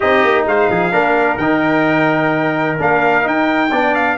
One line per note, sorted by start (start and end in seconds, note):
0.00 0.23 C4
0.00 0.91 D#4
0.00 0.46 G4
0.00 0.44 D#5
0.23 0.45 A#3
0.45 0.69 G#3
0.45 0.70 C5
0.45 1.37 F5
0.69 0.92 F3
0.69 0.92 G#4
0.91 1.37 A#3
0.91 1.37 D4
0.91 3.70 A#4
1.37 2.77 D#3
1.37 2.78 D#4
1.37 2.77 G5
2.78 3.25 A#3
2.78 3.22 D4
2.78 3.27 F5
3.22 3.69 D#4
3.22 3.71 D#4
3.22 3.95 G5
3.70 4.17 B3
3.70 4.17 D4
3.70 4.17 D5
3.95 4.17 F5